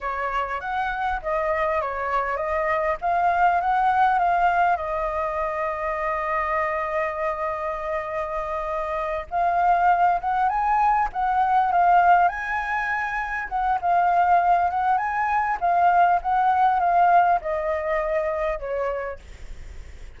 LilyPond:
\new Staff \with { instrumentName = "flute" } { \time 4/4 \tempo 4 = 100 cis''4 fis''4 dis''4 cis''4 | dis''4 f''4 fis''4 f''4 | dis''1~ | dis''2.~ dis''8 f''8~ |
f''4 fis''8 gis''4 fis''4 f''8~ | f''8 gis''2 fis''8 f''4~ | f''8 fis''8 gis''4 f''4 fis''4 | f''4 dis''2 cis''4 | }